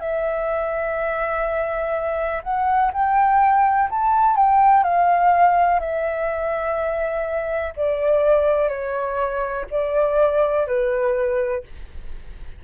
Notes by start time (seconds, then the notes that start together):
0.00 E5
2.43 F#5
2.93 G5
3.91 A5
4.37 G5
4.84 F5
5.80 E5
7.76 D5
8.69 C#5
9.71 D5
10.67 B4